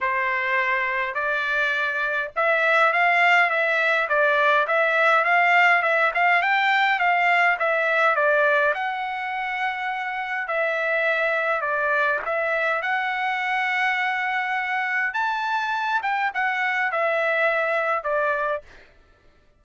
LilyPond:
\new Staff \with { instrumentName = "trumpet" } { \time 4/4 \tempo 4 = 103 c''2 d''2 | e''4 f''4 e''4 d''4 | e''4 f''4 e''8 f''8 g''4 | f''4 e''4 d''4 fis''4~ |
fis''2 e''2 | d''4 e''4 fis''2~ | fis''2 a''4. g''8 | fis''4 e''2 d''4 | }